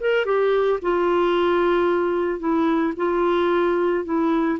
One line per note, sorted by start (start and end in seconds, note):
0.00 0.25 A#4
0.25 0.79 G4
0.81 2.39 F4
2.39 2.93 E4
2.96 4.04 F4
4.04 4.58 E4